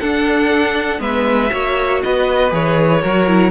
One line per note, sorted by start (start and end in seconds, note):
0.00 1.00 D4
0.00 0.98 D4
0.00 1.01 A4
0.00 1.01 F#5
0.98 1.51 G#3
0.98 1.49 B3
0.98 1.51 B4
0.98 2.02 E5
1.50 2.03 A#3
1.50 2.50 F#4
1.50 2.02 C#5
2.03 2.52 B3
2.03 3.02 B4
2.03 2.53 D#5
2.50 3.03 E3
2.50 3.01 G#4
2.50 3.51 C#5
3.02 3.51 F#3
3.02 3.27 F#4
3.02 3.51 A#4
3.27 3.51 E4